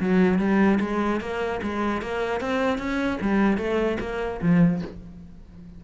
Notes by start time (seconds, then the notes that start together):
0.00 F#3
0.39 G3
0.81 G#3
1.21 A#3
1.63 G#3
2.02 A#3
2.41 C4
2.79 C#4
3.21 G3
3.58 A3
4.00 A#3
4.42 F3